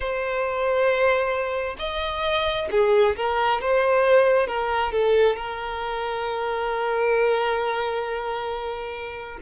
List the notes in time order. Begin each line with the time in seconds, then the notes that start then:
0.00 C5
1.79 D#5
2.71 G#4
3.16 A#4
3.61 C5
4.47 A#4
4.91 A4
5.35 A#4